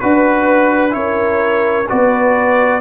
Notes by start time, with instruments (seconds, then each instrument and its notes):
0.00 tuba D4, trombone F#4, horn B4, trumpet B4
0.90 tuba C#4, trombone E4, horn A#4, trumpet C#5
1.89 tuba B3, trombone F#4, horn B4, trumpet D5